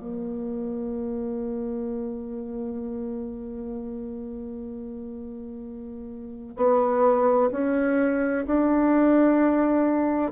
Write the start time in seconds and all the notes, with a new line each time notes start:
0.00 A#3
6.57 B3
7.52 C#4
8.47 D4